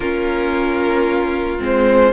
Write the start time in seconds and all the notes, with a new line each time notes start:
0.00 A#3 C#4 F4 A#4
1.58 G#3 C4 C5